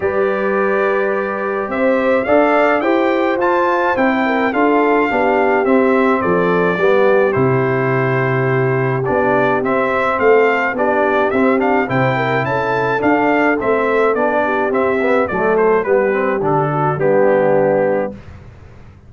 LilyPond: <<
  \new Staff \with { instrumentName = "trumpet" } { \time 4/4 \tempo 4 = 106 d''2. e''4 | f''4 g''4 a''4 g''4 | f''2 e''4 d''4~ | d''4 c''2. |
d''4 e''4 f''4 d''4 | e''8 f''8 g''4 a''4 f''4 | e''4 d''4 e''4 d''8 c''8 | b'4 a'4 g'2 | }
  \new Staff \with { instrumentName = "horn" } { \time 4/4 b'2. c''4 | d''4 c''2~ c''8 ais'8 | a'4 g'2 a'4 | g'1~ |
g'2 a'4 g'4~ | g'4 c''8 ais'8 a'2~ | a'4. g'4. a'4 | g'4. fis'8 d'2 | }
  \new Staff \with { instrumentName = "trombone" } { \time 4/4 g'1 | a'4 g'4 f'4 e'4 | f'4 d'4 c'2 | b4 e'2. |
d'4 c'2 d'4 | c'8 d'8 e'2 d'4 | c'4 d'4 c'8 b8 a4 | b8 c'8 d'4 b2 | }
  \new Staff \with { instrumentName = "tuba" } { \time 4/4 g2. c'4 | d'4 e'4 f'4 c'4 | d'4 b4 c'4 f4 | g4 c2. |
b4 c'4 a4 b4 | c'4 c4 cis'4 d'4 | a4 b4 c'4 fis4 | g4 d4 g2 | }
>>